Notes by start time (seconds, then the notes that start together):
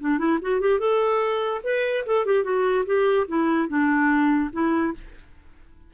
0.00 D4
0.18 E4
0.42 F#4
0.60 G4
0.79 A4
1.64 B4
2.06 A4
2.25 G4
2.44 F#4
2.86 G4
3.27 E4
3.68 D4
4.52 E4